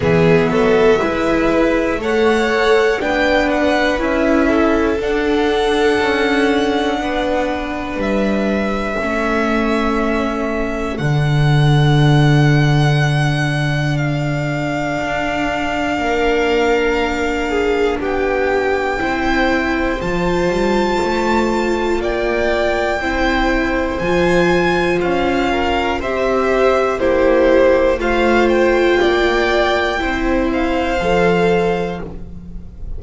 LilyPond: <<
  \new Staff \with { instrumentName = "violin" } { \time 4/4 \tempo 4 = 60 e''2 fis''4 g''8 fis''8 | e''4 fis''2. | e''2. fis''4~ | fis''2 f''2~ |
f''2 g''2 | a''2 g''2 | gis''4 f''4 e''4 c''4 | f''8 g''2 f''4. | }
  \new Staff \with { instrumentName = "violin" } { \time 4/4 gis'8 a'8 b'4 cis''4 b'4~ | b'8 a'2~ a'8 b'4~ | b'4 a'2.~ | a'1 |
ais'4. gis'8 g'4 c''4~ | c''2 d''4 c''4~ | c''4. ais'8 c''4 g'4 | c''4 d''4 c''2 | }
  \new Staff \with { instrumentName = "viola" } { \time 4/4 b4 e'4 a'4 d'4 | e'4 d'2.~ | d'4 cis'2 d'4~ | d'1~ |
d'2. e'4 | f'2. e'4 | f'2 g'4 e'4 | f'2 e'4 a'4 | }
  \new Staff \with { instrumentName = "double bass" } { \time 4/4 e8 fis8 gis4 a4 b4 | cis'4 d'4 cis'4 b4 | g4 a2 d4~ | d2. d'4 |
ais2 b4 c'4 | f8 g8 a4 ais4 c'4 | f4 cis'4 c'4 ais4 | a4 ais4 c'4 f4 | }
>>